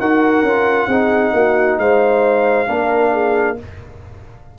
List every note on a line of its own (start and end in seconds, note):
0.00 0.42 D#4
0.00 0.46 F#4
0.00 0.88 A#4
0.00 1.79 F#5
0.42 0.87 C#4
0.42 0.91 F4
0.87 1.32 C4
0.87 2.67 D#4
0.87 1.33 G#4
1.33 1.78 A#3
1.33 1.79 F#4
1.78 2.68 G#3
1.78 2.68 C5
1.78 3.58 F5
2.67 3.58 A#3
2.67 3.56 D4
2.67 3.12 A#4
3.12 3.57 G#4